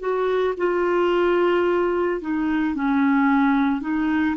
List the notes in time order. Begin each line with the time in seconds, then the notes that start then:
0.00 F#4
0.58 F4
2.21 D#4
2.75 C#4
3.81 D#4